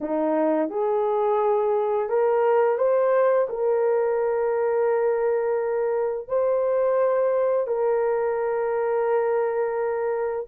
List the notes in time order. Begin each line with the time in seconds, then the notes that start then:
0.00 D#4
0.69 G#4
2.09 A#4
2.77 C5
3.49 A#4
6.28 C5
7.67 A#4